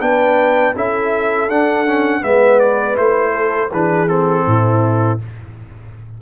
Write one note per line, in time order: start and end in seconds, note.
0.00 0.74 B3
0.00 0.74 D4
0.00 0.74 B4
0.00 0.74 G5
0.75 1.48 C#4
0.75 1.50 E4
0.75 2.21 A4
0.75 1.49 E5
1.48 2.22 D4
1.48 1.86 D4
1.48 2.23 F#5
1.86 2.21 C#4
2.21 2.97 G#3
2.21 2.95 B3
2.21 3.32 B4
2.21 2.59 E5
2.59 2.96 D5
2.95 3.71 A3
2.95 3.69 E4
2.95 3.71 C5
3.33 3.70 A4
3.70 4.45 E3
3.70 4.08 D4
3.70 4.44 G#4
3.70 4.08 B4
4.08 5.19 C4
4.08 5.19 A4
4.46 5.20 A2
4.46 5.21 E4